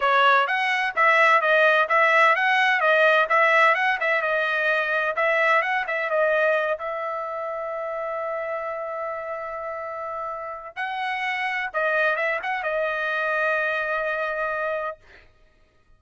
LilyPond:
\new Staff \with { instrumentName = "trumpet" } { \time 4/4 \tempo 4 = 128 cis''4 fis''4 e''4 dis''4 | e''4 fis''4 dis''4 e''4 | fis''8 e''8 dis''2 e''4 | fis''8 e''8 dis''4. e''4.~ |
e''1~ | e''2. fis''4~ | fis''4 dis''4 e''8 fis''8 dis''4~ | dis''1 | }